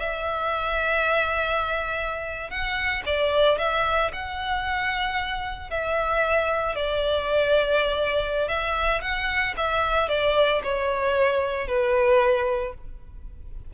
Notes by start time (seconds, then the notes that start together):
0.00 E5
2.51 F#5
3.06 D5
3.59 E5
4.13 F#5
5.71 E5
6.76 D5
8.49 E5
9.02 F#5
9.58 E5
10.09 D5
10.64 C#5
11.68 B4